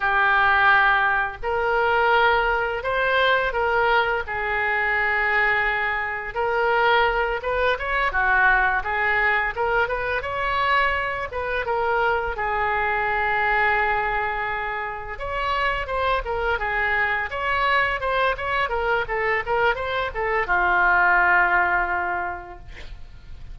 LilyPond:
\new Staff \with { instrumentName = "oboe" } { \time 4/4 \tempo 4 = 85 g'2 ais'2 | c''4 ais'4 gis'2~ | gis'4 ais'4. b'8 cis''8 fis'8~ | fis'8 gis'4 ais'8 b'8 cis''4. |
b'8 ais'4 gis'2~ gis'8~ | gis'4. cis''4 c''8 ais'8 gis'8~ | gis'8 cis''4 c''8 cis''8 ais'8 a'8 ais'8 | c''8 a'8 f'2. | }